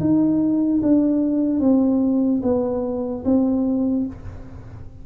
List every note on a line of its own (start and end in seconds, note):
0.00 0.81 D#4
0.83 1.60 D4
1.60 2.41 C4
2.43 3.24 B3
3.25 4.06 C4